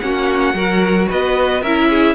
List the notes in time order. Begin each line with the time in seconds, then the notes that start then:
0.00 A#3 C#4 F#4 F#5
0.54 F#3 F#4 A#4
1.09 B3 B4 D#5
1.62 C#4 E4 A#4 E5
1.90 G#4